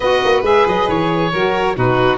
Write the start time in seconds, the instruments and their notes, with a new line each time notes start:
0.00 tuba B3, saxophone F#4, violin B4, oboe D#5
0.24 tuba A#3
0.42 tuba G#3, saxophone G#4, oboe E5
0.66 tuba F#3, oboe D#5
0.88 tuba E3, oboe C#5
1.32 tuba F#3, saxophone F#4, violin A#4
1.74 tuba B2, saxophone D#4, violin F#4, oboe B4